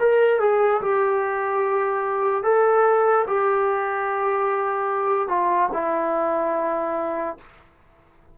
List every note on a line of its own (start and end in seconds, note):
0.00 0.40 A#4
0.40 0.81 G#4
0.82 2.44 G4
2.44 3.26 A4
3.27 5.28 G4
5.28 5.69 F4
5.73 7.38 E4